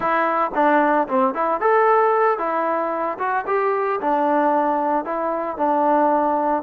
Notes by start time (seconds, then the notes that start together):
0.00 E4
0.54 D4
1.08 C4
1.34 E4
1.60 A4
2.38 E4
3.18 F#4
3.46 G4
4.01 D4
5.04 E4
5.57 D4